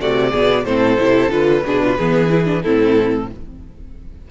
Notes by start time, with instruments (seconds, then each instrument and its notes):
0.00 cello C3, viola A3, violin F#4 D5
0.31 cello B2, viola B3, violin G#4
0.65 cello A2, viola C4, violin A4 C5
0.98 cello C3, viola E4
1.30 cello D3, viola F4, violin B4
1.64 cello B2, viola D4, violin G#4
1.84 violin F4
1.98 cello E3, viola B3, violin G#4
2.30 viola E4
2.45 viola D4
2.63 cello A2, viola C4, violin E4 A4